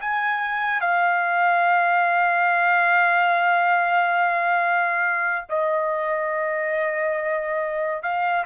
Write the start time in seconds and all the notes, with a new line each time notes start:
0.00 G#5
0.81 F5
5.49 D#5
8.02 F5